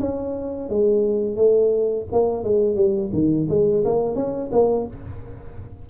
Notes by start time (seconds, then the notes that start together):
0.00 C#4
0.69 G#3
1.36 A3
2.12 A#3
2.44 G#3
2.75 G3
3.13 D#3
3.49 G#3
3.85 A#3
4.15 C#4
4.52 A#3